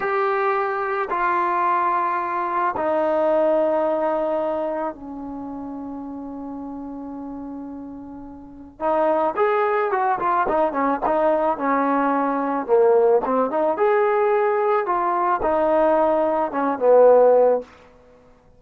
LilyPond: \new Staff \with { instrumentName = "trombone" } { \time 4/4 \tempo 4 = 109 g'2 f'2~ | f'4 dis'2.~ | dis'4 cis'2.~ | cis'1 |
dis'4 gis'4 fis'8 f'8 dis'8 cis'8 | dis'4 cis'2 ais4 | c'8 dis'8 gis'2 f'4 | dis'2 cis'8 b4. | }